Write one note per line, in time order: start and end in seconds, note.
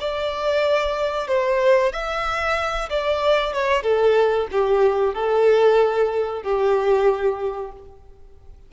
0.00 1.28 D5
1.28 1.92 C5
1.92 2.89 E5
2.89 3.53 D5
3.53 3.82 C#5
3.82 4.47 A4
4.51 5.14 G4
5.14 6.43 A4
6.43 7.72 G4